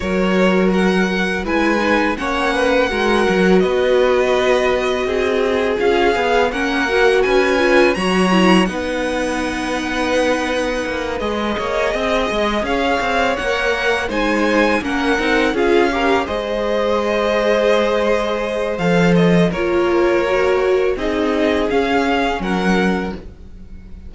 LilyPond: <<
  \new Staff \with { instrumentName = "violin" } { \time 4/4 \tempo 4 = 83 cis''4 fis''4 gis''4 fis''4~ | fis''4 dis''2. | f''4 fis''4 gis''4 ais''4 | fis''2.~ fis''8 dis''8~ |
dis''4. f''4 fis''4 gis''8~ | gis''8 fis''4 f''4 dis''4.~ | dis''2 f''8 dis''8 cis''4~ | cis''4 dis''4 f''4 fis''4 | }
  \new Staff \with { instrumentName = "violin" } { \time 4/4 ais'2 b'4 cis''8 b'8 | ais'4 b'2 gis'4~ | gis'4 ais'4 b'4 cis''4 | b'1 |
cis''8 dis''4 cis''2 c''8~ | c''8 ais'4 gis'8 ais'8 c''4.~ | c''2. ais'4~ | ais'4 gis'2 ais'4 | }
  \new Staff \with { instrumentName = "viola" } { \time 4/4 fis'2 e'8 dis'8 cis'4 | fis'1 | f'8 gis'8 cis'8 fis'4 f'8 fis'8 e'8 | dis'2.~ dis'8 gis'8~ |
gis'2~ gis'8 ais'4 dis'8~ | dis'8 cis'8 dis'8 f'8 g'8 gis'4.~ | gis'2 a'4 f'4 | fis'4 dis'4 cis'2 | }
  \new Staff \with { instrumentName = "cello" } { \time 4/4 fis2 gis4 ais4 | gis8 fis8 b2 c'4 | cis'8 b8 ais4 cis'4 fis4 | b2. ais8 gis8 |
ais8 c'8 gis8 cis'8 c'8 ais4 gis8~ | gis8 ais8 c'8 cis'4 gis4.~ | gis2 f4 ais4~ | ais4 c'4 cis'4 fis4 | }
>>